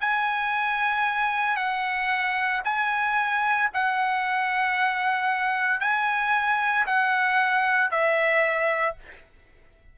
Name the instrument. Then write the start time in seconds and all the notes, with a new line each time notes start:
trumpet
0.00 G#5
1.56 F#5
2.64 G#5
3.73 F#5
5.80 G#5
6.86 F#5
7.90 E5